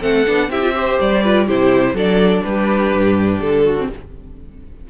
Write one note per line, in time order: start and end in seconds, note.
0.00 0.27 A3
0.00 0.25 C4
0.00 0.48 A4
0.00 0.51 F#5
0.27 0.49 B3
0.27 0.51 D4
0.49 0.98 C4
0.49 0.62 E4
0.49 0.75 G4
0.49 0.99 E5
0.62 0.74 F4
0.74 1.22 G4
0.74 1.23 C5
1.01 1.49 G3
1.01 1.48 D5
1.23 1.48 F4
1.23 1.47 B4
1.47 1.93 C3
1.47 1.96 E4
1.47 1.95 G4
1.47 1.97 C5
1.93 2.42 F#3
1.93 3.78 D4
1.93 2.44 A4
1.93 2.44 D5
2.44 2.94 G3
2.44 3.65 G4
2.44 3.40 B4
2.94 3.39 G2
3.39 3.87 D3
3.39 3.88 A4
3.65 3.89 F#4
3.78 3.90 C4